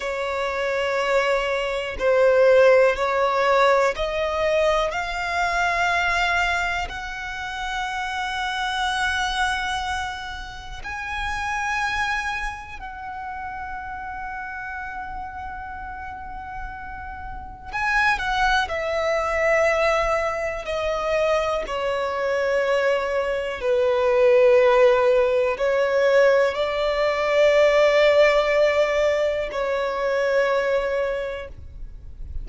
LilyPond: \new Staff \with { instrumentName = "violin" } { \time 4/4 \tempo 4 = 61 cis''2 c''4 cis''4 | dis''4 f''2 fis''4~ | fis''2. gis''4~ | gis''4 fis''2.~ |
fis''2 gis''8 fis''8 e''4~ | e''4 dis''4 cis''2 | b'2 cis''4 d''4~ | d''2 cis''2 | }